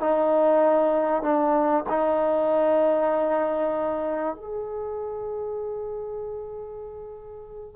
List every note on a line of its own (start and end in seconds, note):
0.00 1.22 D#4
1.22 1.84 D4
1.90 4.36 D#4
4.36 7.76 G#4